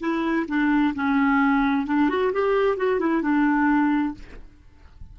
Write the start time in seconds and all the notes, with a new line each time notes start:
0.00 E4
0.48 D4
0.95 C#4
1.87 D4
2.09 F#4
2.33 G4
2.78 F#4
3.00 E4
3.22 D4